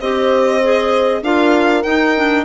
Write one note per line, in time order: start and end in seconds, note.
0.00 1.22 C4
0.00 0.62 G4
0.00 1.23 C5
0.00 1.22 D#5
0.62 1.23 G#4
1.22 1.83 D4
1.22 1.84 F4
1.22 2.45 A#4
1.22 1.83 F5
1.83 2.14 D#4
1.83 2.45 D#4
1.83 2.44 G5
2.15 2.45 D4